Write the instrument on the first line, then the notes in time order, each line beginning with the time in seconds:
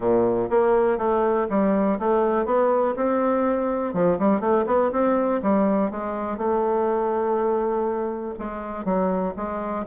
bassoon
0.00 A#2
0.50 A#3
0.98 A3
1.49 G3
1.99 A3
2.45 B3
2.96 C4
3.93 F3
4.18 G3
4.40 A3
4.66 B3
4.92 C4
5.42 G3
5.91 G#3
6.37 A3
8.39 G#3
8.85 F#3
9.36 G#3